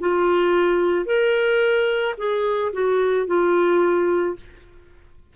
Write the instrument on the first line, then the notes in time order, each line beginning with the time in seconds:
clarinet
0.00 F4
1.06 A#4
2.18 G#4
2.73 F#4
3.27 F4